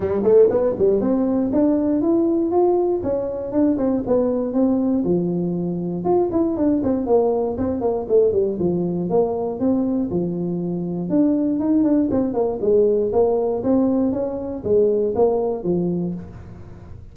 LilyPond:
\new Staff \with { instrumentName = "tuba" } { \time 4/4 \tempo 4 = 119 g8 a8 b8 g8 c'4 d'4 | e'4 f'4 cis'4 d'8 c'8 | b4 c'4 f2 | f'8 e'8 d'8 c'8 ais4 c'8 ais8 |
a8 g8 f4 ais4 c'4 | f2 d'4 dis'8 d'8 | c'8 ais8 gis4 ais4 c'4 | cis'4 gis4 ais4 f4 | }